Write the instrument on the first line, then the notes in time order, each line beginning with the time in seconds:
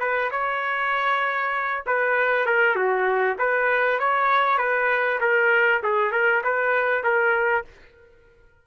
trumpet
0.00 B4
0.31 C#5
1.87 B4
2.46 A#4
2.76 F#4
3.39 B4
3.99 C#5
4.58 B4
5.21 A#4
5.83 G#4
6.12 A#4
6.44 B4
7.04 A#4